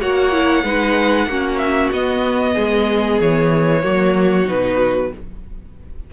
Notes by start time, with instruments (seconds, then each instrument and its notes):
0.00 cello A#3, viola F#4, violin C#5 F#5
0.32 viola E4
0.63 cello G#3, viola D#4, violin B4
1.26 cello A#3, viola C#4, violin F#4
1.57 violin E5
1.91 cello B3, viola B3, violin D#5
2.54 cello G#3, violin G#4
3.20 cello E3, violin C#5
3.82 cello F#3, viola A#3, violin F#4
4.44 cello B2, viola D#4, violin B4